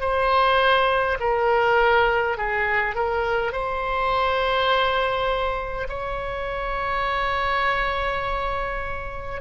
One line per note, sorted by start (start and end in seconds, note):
0.00 1.18 C5
1.19 2.37 A#4
2.37 2.95 G#4
2.95 3.52 A#4
3.52 5.87 C5
5.89 9.41 C#5